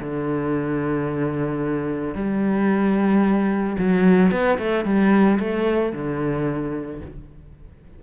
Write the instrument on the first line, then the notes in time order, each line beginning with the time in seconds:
cello
0.00 D3
2.14 G3
3.78 F#3
4.31 B3
4.58 A3
4.85 G3
5.40 A3
5.92 D3